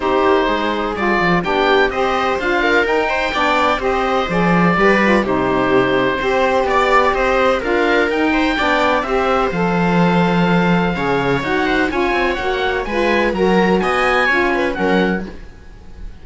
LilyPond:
<<
  \new Staff \with { instrumentName = "oboe" } { \time 4/4 \tempo 4 = 126 c''2 d''4 g''4 | dis''4 f''4 g''2 | dis''4 d''2 c''4~ | c''2 d''4 dis''4 |
f''4 g''2 e''4 | f''1 | fis''4 gis''4 fis''4 gis''4 | ais''4 gis''2 fis''4 | }
  \new Staff \with { instrumentName = "viola" } { \time 4/4 g'4 gis'2 g'4 | c''4. ais'4 c''8 d''4 | c''2 b'4 g'4~ | g'4 c''4 d''4 c''4 |
ais'4. c''8 d''4 c''4~ | c''2. cis''4~ | cis''8 c''8 cis''2 b'4 | ais'4 dis''4 cis''8 b'8 ais'4 | }
  \new Staff \with { instrumentName = "saxophone" } { \time 4/4 dis'2 f'4 d'4 | g'4 f'4 dis'4 d'4 | g'4 gis'4 g'8 f'8 dis'4~ | dis'4 g'2. |
f'4 dis'4 d'4 g'4 | a'2. gis'4 | fis'4 f'4 fis'4 f'4 | fis'2 f'4 cis'4 | }
  \new Staff \with { instrumentName = "cello" } { \time 4/4 c'8 ais8 gis4 g8 f8 b4 | c'4 d'4 dis'4 b4 | c'4 f4 g4 c4~ | c4 c'4 b4 c'4 |
d'4 dis'4 b4 c'4 | f2. cis4 | dis'4 cis'8 c'8 ais4 gis4 | fis4 b4 cis'4 fis4 | }
>>